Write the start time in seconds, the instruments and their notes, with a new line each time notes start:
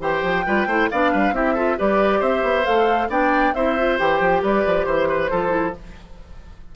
0.00 bassoon E3, clarinet G4, oboe C5, flute G5
0.22 bassoon F3
0.46 bassoon G3, clarinet F4, oboe B4
0.66 bassoon A3, clarinet E4, oboe C5
0.91 bassoon B3, clarinet D4, oboe D5, flute F5
1.12 bassoon G3, oboe B4
1.32 bassoon C4, clarinet E4, oboe G4, flute E5
1.54 clarinet F4, oboe A4
1.78 bassoon G3, clarinet G4, oboe B4, flute D5
2.20 bassoon C4, oboe C5, flute E5
2.43 bassoon B3
2.64 bassoon A3, clarinet A4, flute F5
3.09 bassoon B3, clarinet D4, oboe D5, flute G5
3.54 bassoon C4, clarinet E4, oboe C5, flute E5
3.77 clarinet F4
3.98 bassoon E3, clarinet G4, flute G5
4.20 bassoon F3
4.42 bassoon G3, oboe B4, flute D5
4.66 bassoon F3
4.85 bassoon E3, flute C5, oboe C5
5.09 oboe B4
5.31 bassoon F3, clarinet F4, oboe A4
5.48 clarinet E4